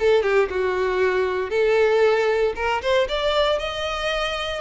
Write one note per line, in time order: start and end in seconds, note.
0.00 0.23 A4
0.23 0.49 G4
0.50 1.50 F#4
1.50 2.54 A4
2.56 2.82 A#4
2.82 3.08 C5
3.09 3.59 D5
3.59 4.61 D#5